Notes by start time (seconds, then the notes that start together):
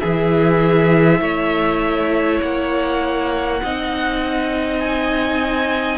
0.00 E3 E4 G#4 E5
1.20 A3 C#5
2.41 A#3 F#5
3.62 C4 D#4 D#5
4.79 G#5